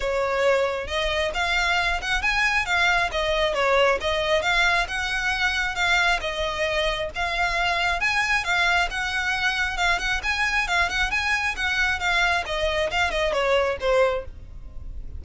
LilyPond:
\new Staff \with { instrumentName = "violin" } { \time 4/4 \tempo 4 = 135 cis''2 dis''4 f''4~ | f''8 fis''8 gis''4 f''4 dis''4 | cis''4 dis''4 f''4 fis''4~ | fis''4 f''4 dis''2 |
f''2 gis''4 f''4 | fis''2 f''8 fis''8 gis''4 | f''8 fis''8 gis''4 fis''4 f''4 | dis''4 f''8 dis''8 cis''4 c''4 | }